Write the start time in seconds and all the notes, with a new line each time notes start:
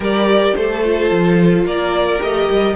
0.00 G3 G4 A#4 D5
0.55 A3 A4 C5
0.84 F4
1.10 F3
1.64 A#3 A#4 D5
2.19 A3 G4 D#5
2.49 G3